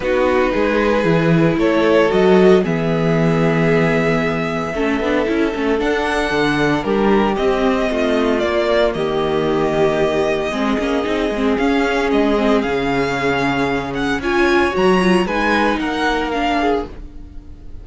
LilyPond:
<<
  \new Staff \with { instrumentName = "violin" } { \time 4/4 \tempo 4 = 114 b'2. cis''4 | dis''4 e''2.~ | e''2. fis''4~ | fis''4 ais'4 dis''2 |
d''4 dis''2.~ | dis''2 f''4 dis''4 | f''2~ f''8 fis''8 gis''4 | ais''4 gis''4 fis''4 f''4 | }
  \new Staff \with { instrumentName = "violin" } { \time 4/4 fis'4 gis'2 a'4~ | a'4 gis'2.~ | gis'4 a'2.~ | a'4 g'2 f'4~ |
f'4 g'2. | gis'1~ | gis'2. cis''4~ | cis''4 b'4 ais'4. gis'8 | }
  \new Staff \with { instrumentName = "viola" } { \time 4/4 dis'2 e'2 | fis'4 b2.~ | b4 cis'8 d'8 e'8 cis'8 d'4~ | d'2 c'2 |
ais1 | c'8 cis'8 dis'8 c'8 cis'4. c'8 | cis'2. f'4 | fis'8 f'8 dis'2 d'4 | }
  \new Staff \with { instrumentName = "cello" } { \time 4/4 b4 gis4 e4 a4 | fis4 e2.~ | e4 a8 b8 cis'8 a8 d'4 | d4 g4 c'4 a4 |
ais4 dis2. | gis8 ais8 c'8 gis8 cis'4 gis4 | cis2. cis'4 | fis4 gis4 ais2 | }
>>